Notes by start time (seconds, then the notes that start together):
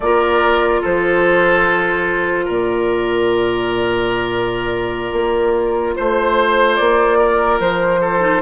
0.00 A#3 F4 A#4 D5
0.81 F3 A4 C5
2.45 A#2 A#4 D5
5.12 A#3
5.96 A3 C5
6.76 A#3 D5
7.18 A#4
7.59 F3 C5
8.00 A4
8.20 D#4